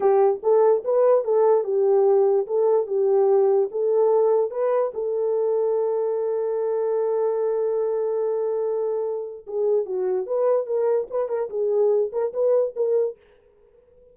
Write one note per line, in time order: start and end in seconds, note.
0.00 0.40 G4
0.42 0.83 A4
0.84 1.24 B4
1.24 1.64 A4
1.64 2.46 G4
2.46 2.87 A4
2.87 3.69 G4
3.71 4.51 A4
4.51 4.92 B4
4.93 9.45 A4
9.46 9.85 G#4
9.85 10.26 F#4
10.26 10.66 B4
10.66 11.07 A#4
11.10 11.28 B4
11.28 11.49 A#4
11.49 12.11 G#4
12.12 12.33 A#4
12.33 12.74 B4
12.75 13.17 A#4